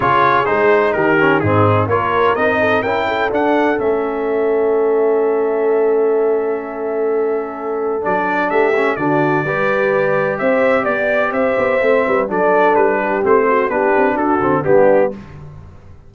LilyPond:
<<
  \new Staff \with { instrumentName = "trumpet" } { \time 4/4 \tempo 4 = 127 cis''4 c''4 ais'4 gis'4 | cis''4 dis''4 g''4 fis''4 | e''1~ | e''1~ |
e''4 d''4 e''4 d''4~ | d''2 e''4 d''4 | e''2 d''4 b'4 | c''4 b'4 a'4 g'4 | }
  \new Staff \with { instrumentName = "horn" } { \time 4/4 gis'2 g'4 dis'4 | ais'4. a'8 ais'8 a'4.~ | a'1~ | a'1~ |
a'2 g'4 fis'4 | b'2 c''4 d''4 | c''4. b'8 a'4. g'8~ | g'8 fis'8 g'4 fis'4 d'4 | }
  \new Staff \with { instrumentName = "trombone" } { \time 4/4 f'4 dis'4. cis'8 c'4 | f'4 dis'4 e'4 d'4 | cis'1~ | cis'1~ |
cis'4 d'4. cis'8 d'4 | g'1~ | g'4 c'4 d'2 | c'4 d'4. c'8 b4 | }
  \new Staff \with { instrumentName = "tuba" } { \time 4/4 cis4 gis4 dis4 gis,4 | ais4 c'4 cis'4 d'4 | a1~ | a1~ |
a4 fis4 a4 d4 | g2 c'4 b4 | c'8 b8 a8 g8 fis4 g4 | a4 b8 c'8 d'8 d8 g4 | }
>>